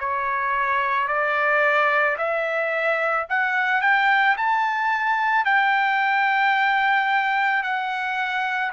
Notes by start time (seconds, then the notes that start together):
0.00 C#5
1.08 D5
2.18 E5
3.30 F#5
3.82 G5
4.37 A5
5.45 G5
7.63 F#5